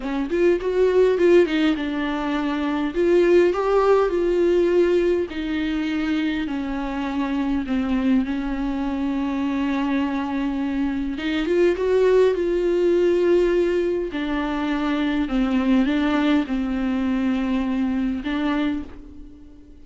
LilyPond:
\new Staff \with { instrumentName = "viola" } { \time 4/4 \tempo 4 = 102 cis'8 f'8 fis'4 f'8 dis'8 d'4~ | d'4 f'4 g'4 f'4~ | f'4 dis'2 cis'4~ | cis'4 c'4 cis'2~ |
cis'2. dis'8 f'8 | fis'4 f'2. | d'2 c'4 d'4 | c'2. d'4 | }